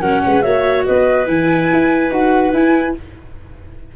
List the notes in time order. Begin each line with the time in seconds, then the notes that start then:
0.00 F#3 C#4 A#4 F#5
0.25 G#3 B4
0.41 A#3 F#4 C#5 E5
0.85 B3 B4 D#5
1.26 E3 E4 G#5
1.72 E4
2.10 D#4 F#4 F#5
2.52 E4 G#5